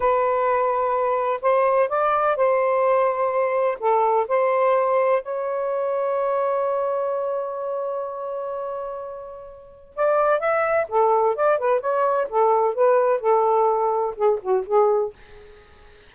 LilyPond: \new Staff \with { instrumentName = "saxophone" } { \time 4/4 \tempo 4 = 127 b'2. c''4 | d''4 c''2. | a'4 c''2 cis''4~ | cis''1~ |
cis''1~ | cis''4 d''4 e''4 a'4 | d''8 b'8 cis''4 a'4 b'4 | a'2 gis'8 fis'8 gis'4 | }